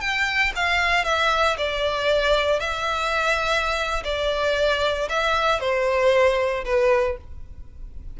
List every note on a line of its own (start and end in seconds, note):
0.00 0.52 G5
0.55 1.04 F5
1.04 1.56 E5
1.57 2.59 D5
2.59 4.03 E5
4.04 5.08 D5
5.09 5.60 E5
5.60 6.64 C5
6.65 7.17 B4